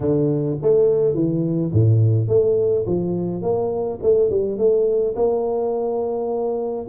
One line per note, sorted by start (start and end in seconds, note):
0.00 0.57 D3
0.62 1.14 A3
1.14 1.71 E3
1.72 2.28 A2
2.28 2.85 A3
2.86 3.42 F3
3.42 3.99 A#3
4.02 4.30 A3
4.30 4.57 G3
4.57 5.15 A3
5.15 6.87 A#3